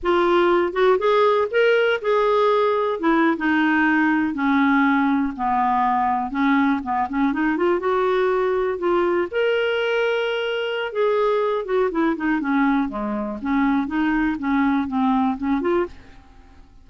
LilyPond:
\new Staff \with { instrumentName = "clarinet" } { \time 4/4 \tempo 4 = 121 f'4. fis'8 gis'4 ais'4 | gis'2 e'8. dis'4~ dis'16~ | dis'8. cis'2 b4~ b16~ | b8. cis'4 b8 cis'8 dis'8 f'8 fis'16~ |
fis'4.~ fis'16 f'4 ais'4~ ais'16~ | ais'2 gis'4. fis'8 | e'8 dis'8 cis'4 gis4 cis'4 | dis'4 cis'4 c'4 cis'8 f'8 | }